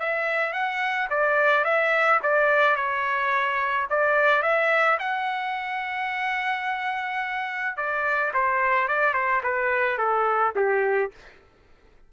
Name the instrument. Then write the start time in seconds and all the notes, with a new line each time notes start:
trumpet
0.00 E5
0.53 F#5
1.10 D5
1.64 E5
2.23 D5
2.76 C#5
3.90 D5
4.42 E5
4.99 F#5
7.77 D5
8.34 C5
8.88 D5
9.14 C5
9.44 B4
9.98 A4
10.56 G4